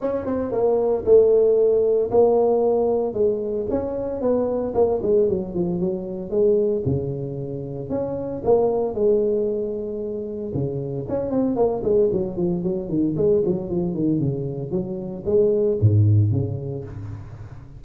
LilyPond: \new Staff \with { instrumentName = "tuba" } { \time 4/4 \tempo 4 = 114 cis'8 c'8 ais4 a2 | ais2 gis4 cis'4 | b4 ais8 gis8 fis8 f8 fis4 | gis4 cis2 cis'4 |
ais4 gis2. | cis4 cis'8 c'8 ais8 gis8 fis8 f8 | fis8 dis8 gis8 fis8 f8 dis8 cis4 | fis4 gis4 gis,4 cis4 | }